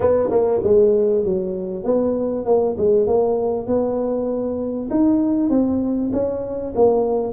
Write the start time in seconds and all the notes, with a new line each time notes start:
0.00 B3
0.30 A#3
0.63 G#3
1.24 F#3
1.83 B3
2.45 A#3
2.77 G#3
3.06 A#3
3.66 B3
4.90 D#4
5.49 C4
6.12 C#4
6.75 A#3